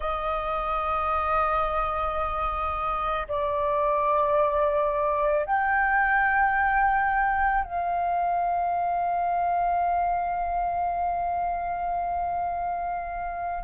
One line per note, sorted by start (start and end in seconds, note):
0.00 3.27 D#5
3.27 5.45 D5
5.45 7.64 G5
7.64 13.63 F5